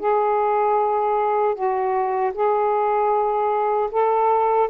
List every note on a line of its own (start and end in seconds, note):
0.00 1.55 G#4
1.55 2.33 F#4
2.34 3.90 G#4
3.91 4.69 A4